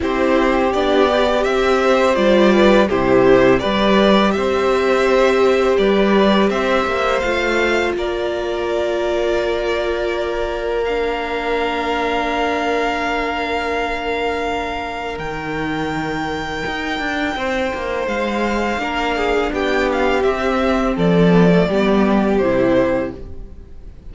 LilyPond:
<<
  \new Staff \with { instrumentName = "violin" } { \time 4/4 \tempo 4 = 83 c''4 d''4 e''4 d''4 | c''4 d''4 e''2 | d''4 e''4 f''4 d''4~ | d''2. f''4~ |
f''1~ | f''4 g''2.~ | g''4 f''2 g''8 f''8 | e''4 d''2 c''4 | }
  \new Staff \with { instrumentName = "violin" } { \time 4/4 g'2~ g'8 c''4 b'8 | g'4 b'4 c''2 | b'4 c''2 ais'4~ | ais'1~ |
ais'1~ | ais'1 | c''2 ais'8 gis'8 g'4~ | g'4 a'4 g'2 | }
  \new Staff \with { instrumentName = "viola" } { \time 4/4 e'4 d'8 g'4. f'4 | e'4 g'2.~ | g'2 f'2~ | f'2. d'4~ |
d'1~ | d'4 dis'2.~ | dis'2 d'2 | c'4. b16 a16 b4 e'4 | }
  \new Staff \with { instrumentName = "cello" } { \time 4/4 c'4 b4 c'4 g4 | c4 g4 c'2 | g4 c'8 ais8 a4 ais4~ | ais1~ |
ais1~ | ais4 dis2 dis'8 d'8 | c'8 ais8 gis4 ais4 b4 | c'4 f4 g4 c4 | }
>>